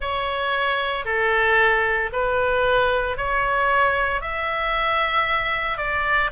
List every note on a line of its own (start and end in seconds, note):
0.00 1.05 C#5
1.05 2.10 A4
2.12 3.17 B4
3.17 4.21 C#5
4.21 5.77 E5
5.77 6.30 D5